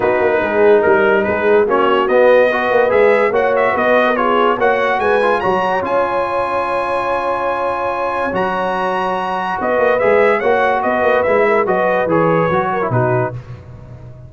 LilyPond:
<<
  \new Staff \with { instrumentName = "trumpet" } { \time 4/4 \tempo 4 = 144 b'2 ais'4 b'4 | cis''4 dis''2 e''4 | fis''8 e''8 dis''4 cis''4 fis''4 | gis''4 ais''4 gis''2~ |
gis''1 | ais''2. dis''4 | e''4 fis''4 dis''4 e''4 | dis''4 cis''2 b'4 | }
  \new Staff \with { instrumentName = "horn" } { \time 4/4 fis'4 gis'4 ais'4 gis'4 | fis'2 b'2 | cis''4 b'8. ais'16 gis'4 cis''4 | b'4 cis''2.~ |
cis''1~ | cis''2. b'4~ | b'4 cis''4 b'4. ais'8 | b'2~ b'8 ais'8 fis'4 | }
  \new Staff \with { instrumentName = "trombone" } { \time 4/4 dis'1 | cis'4 b4 fis'4 gis'4 | fis'2 f'4 fis'4~ | fis'8 f'8 fis'4 f'2~ |
f'1 | fis'1 | gis'4 fis'2 e'4 | fis'4 gis'4 fis'8. e'16 dis'4 | }
  \new Staff \with { instrumentName = "tuba" } { \time 4/4 b8 ais8 gis4 g4 gis4 | ais4 b4. ais8 gis4 | ais4 b2 ais4 | gis4 fis4 cis'2~ |
cis'1 | fis2. b8 ais8 | gis4 ais4 b8 ais8 gis4 | fis4 e4 fis4 b,4 | }
>>